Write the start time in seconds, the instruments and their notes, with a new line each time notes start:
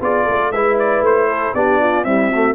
0.00 tuba B3, trombone F4, horn G#4, trumpet D5
0.24 tuba A3, horn A4
0.52 tuba G#3, trombone E4, horn B4, trumpet E5
0.79 trumpet D5
1.01 tuba A3, trumpet C5
1.29 horn A4
1.54 tuba B3, trombone D4, horn G4, trumpet D5
1.79 horn F4
2.04 trombone G3, tuba C4, horn E4, trumpet E5
2.30 trombone A3, horn F#4